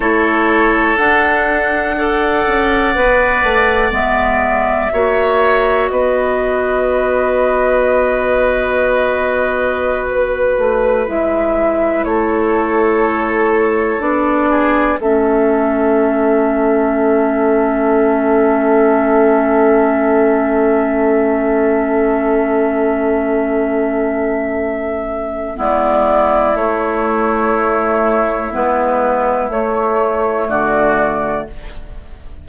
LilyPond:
<<
  \new Staff \with { instrumentName = "flute" } { \time 4/4 \tempo 4 = 61 cis''4 fis''2. | e''2 dis''2~ | dis''2~ dis''16 b'4 e''8.~ | e''16 cis''2 d''4 e''8.~ |
e''1~ | e''1~ | e''2 d''4 cis''4~ | cis''4 b'4 cis''4 d''4 | }
  \new Staff \with { instrumentName = "oboe" } { \time 4/4 a'2 d''2~ | d''4 cis''4 b'2~ | b'1~ | b'16 a'2~ a'8 gis'8 a'8.~ |
a'1~ | a'1~ | a'2 e'2~ | e'2. fis'4 | }
  \new Staff \with { instrumentName = "clarinet" } { \time 4/4 e'4 d'4 a'4 b'4 | b4 fis'2.~ | fis'2.~ fis'16 e'8.~ | e'2~ e'16 d'4 cis'8.~ |
cis'1~ | cis'1~ | cis'2 b4 a4~ | a4 b4 a2 | }
  \new Staff \with { instrumentName = "bassoon" } { \time 4/4 a4 d'4. cis'8 b8 a8 | gis4 ais4 b2~ | b2~ b8. a8 gis8.~ | gis16 a2 b4 a8.~ |
a1~ | a1~ | a2 gis4 a4~ | a4 gis4 a4 d4 | }
>>